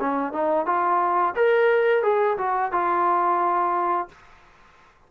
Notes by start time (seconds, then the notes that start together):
0.00 C#4
0.33 D#4
0.66 F4
1.36 A#4
2.03 G#4
2.38 F#4
2.72 F4